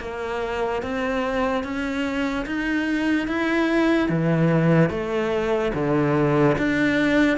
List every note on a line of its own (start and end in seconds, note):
0.00 0.82 A#3
0.83 1.64 C4
1.64 2.46 C#4
2.46 3.28 D#4
3.28 4.09 E4
4.09 4.90 E3
4.90 5.72 A3
5.74 6.56 D3
6.58 7.37 D4